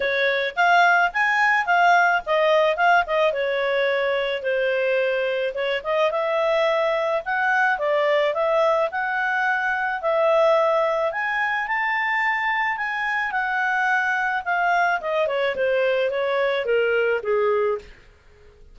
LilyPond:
\new Staff \with { instrumentName = "clarinet" } { \time 4/4 \tempo 4 = 108 cis''4 f''4 gis''4 f''4 | dis''4 f''8 dis''8 cis''2 | c''2 cis''8 dis''8 e''4~ | e''4 fis''4 d''4 e''4 |
fis''2 e''2 | gis''4 a''2 gis''4 | fis''2 f''4 dis''8 cis''8 | c''4 cis''4 ais'4 gis'4 | }